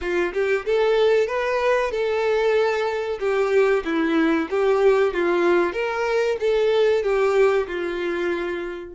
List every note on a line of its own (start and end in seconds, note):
0.01 0.32 F4
0.33 0.65 G4
0.65 1.27 A4
1.27 1.91 B4
1.91 3.18 A4
3.19 3.83 G4
3.85 4.49 E4
4.49 5.13 G4
5.13 5.72 F4
5.72 6.36 A#4
6.40 7.03 A4
7.03 7.67 G4
7.67 8.94 F4